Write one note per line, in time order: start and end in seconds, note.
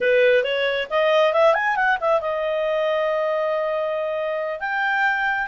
0.00 0.43 B4
0.43 0.87 C#5
0.89 1.33 D#5
1.33 1.54 E5
1.54 1.76 G#5
1.76 1.97 F#5
2.00 2.21 E5
2.21 4.60 D#5
4.60 5.47 G5